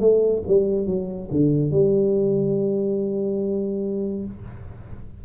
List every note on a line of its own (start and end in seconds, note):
0.00 0.42 A3
0.47 0.86 G3
0.86 1.29 F#3
1.31 1.71 D3
1.71 4.24 G3